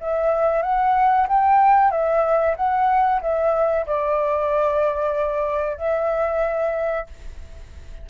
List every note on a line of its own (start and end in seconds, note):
0.00 0.62 E5
0.62 1.27 F#5
1.28 1.91 G5
1.91 2.55 E5
2.56 3.21 F#5
3.21 3.86 E5
3.86 5.77 D5
5.77 7.06 E5